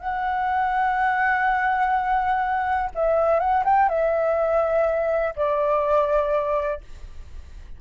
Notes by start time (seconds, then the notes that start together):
0.00 F#5
2.95 E5
3.40 F#5
3.65 G5
3.89 E5
5.36 D5